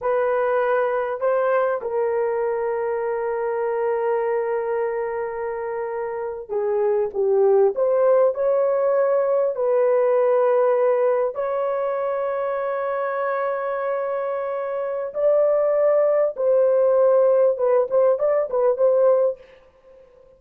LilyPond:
\new Staff \with { instrumentName = "horn" } { \time 4/4 \tempo 4 = 99 b'2 c''4 ais'4~ | ais'1~ | ais'2~ ais'8. gis'4 g'16~ | g'8. c''4 cis''2 b'16~ |
b'2~ b'8. cis''4~ cis''16~ | cis''1~ | cis''4 d''2 c''4~ | c''4 b'8 c''8 d''8 b'8 c''4 | }